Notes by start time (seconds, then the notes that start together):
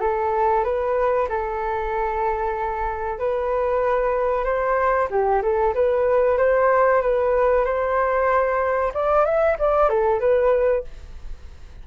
0.00 A4
0.64 B4
1.29 A4
3.19 B4
4.44 C5
5.10 G4
5.43 A4
5.74 B4
6.38 C5
7.02 B4
7.65 C5
8.94 D5
9.26 E5
9.59 D5
9.89 A4
10.20 B4